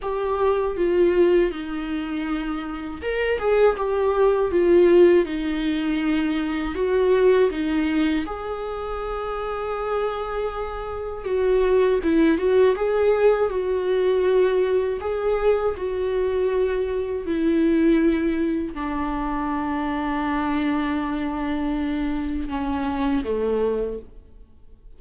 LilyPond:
\new Staff \with { instrumentName = "viola" } { \time 4/4 \tempo 4 = 80 g'4 f'4 dis'2 | ais'8 gis'8 g'4 f'4 dis'4~ | dis'4 fis'4 dis'4 gis'4~ | gis'2. fis'4 |
e'8 fis'8 gis'4 fis'2 | gis'4 fis'2 e'4~ | e'4 d'2.~ | d'2 cis'4 a4 | }